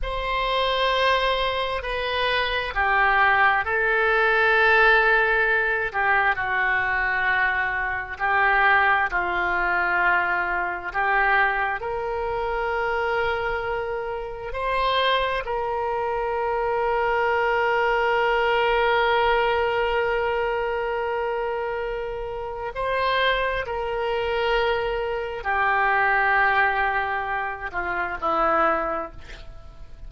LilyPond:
\new Staff \with { instrumentName = "oboe" } { \time 4/4 \tempo 4 = 66 c''2 b'4 g'4 | a'2~ a'8 g'8 fis'4~ | fis'4 g'4 f'2 | g'4 ais'2. |
c''4 ais'2.~ | ais'1~ | ais'4 c''4 ais'2 | g'2~ g'8 f'8 e'4 | }